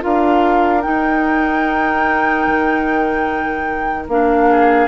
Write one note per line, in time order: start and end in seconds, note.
0.00 0.86 D4
0.00 0.81 F4
0.00 4.50 A#4
0.00 0.81 F5
0.81 4.07 D#4
0.81 2.47 D#4
0.81 4.06 G5
2.47 4.08 D#3
4.08 4.87 A#3
4.08 4.87 D4
4.08 4.87 F5
4.50 4.87 G#4